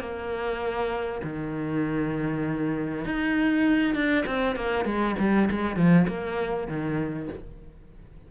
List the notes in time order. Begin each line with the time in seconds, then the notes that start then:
0.00 A#3
1.24 D#3
3.05 D#4
3.94 D4
4.26 C4
4.56 A#3
4.85 G#3
5.19 G3
5.51 G#3
5.77 F3
6.08 A#3
6.68 D#3